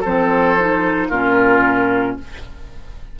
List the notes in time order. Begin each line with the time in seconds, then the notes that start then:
0.00 F3 C4 A4 C5
0.59 D#4
1.09 A#2 C#4 F4 A#4